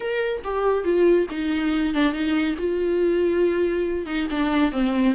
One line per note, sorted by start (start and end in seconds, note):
0.00 0.42 A#4
0.43 0.84 G4
0.84 1.26 F4
1.30 1.94 D#4
1.94 2.12 D4
2.12 2.55 D#4
2.58 4.06 F4
4.06 4.27 D#4
4.30 4.71 D4
4.71 5.14 C4